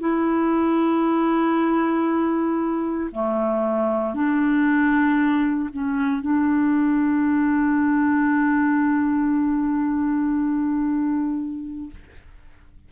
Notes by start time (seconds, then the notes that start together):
0.00 E4
3.12 A3
4.14 D4
5.73 C#4
6.21 D4